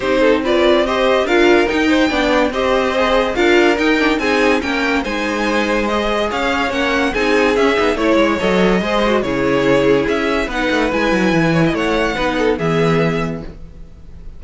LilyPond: <<
  \new Staff \with { instrumentName = "violin" } { \time 4/4 \tempo 4 = 143 c''4 d''4 dis''4 f''4 | g''2 dis''2 | f''4 g''4 gis''4 g''4 | gis''2 dis''4 f''4 |
fis''4 gis''4 e''4 cis''4 | dis''2 cis''2 | e''4 fis''4 gis''2 | fis''2 e''2 | }
  \new Staff \with { instrumentName = "violin" } { \time 4/4 g'8 a'8 b'4 c''4 ais'4~ | ais'8 c''8 d''4 c''2 | ais'2 gis'4 ais'4 | c''2. cis''4~ |
cis''4 gis'2 cis''4~ | cis''4 c''4 gis'2~ | gis'4 b'2~ b'8 cis''16 dis''16 | cis''4 b'8 a'8 gis'2 | }
  \new Staff \with { instrumentName = "viola" } { \time 4/4 dis'4 f'4 g'4 f'4 | dis'4 d'4 g'4 gis'4 | f'4 dis'8 d'8 dis'4 cis'4 | dis'2 gis'2 |
cis'4 dis'4 cis'8 dis'8 e'4 | a'4 gis'8 fis'8 e'2~ | e'4 dis'4 e'2~ | e'4 dis'4 b2 | }
  \new Staff \with { instrumentName = "cello" } { \time 4/4 c'2. d'4 | dis'4 b4 c'2 | d'4 dis'4 c'4 ais4 | gis2. cis'4 |
ais4 c'4 cis'8 b8 a8 gis8 | fis4 gis4 cis2 | cis'4 b8 a8 gis8 fis8 e4 | a4 b4 e2 | }
>>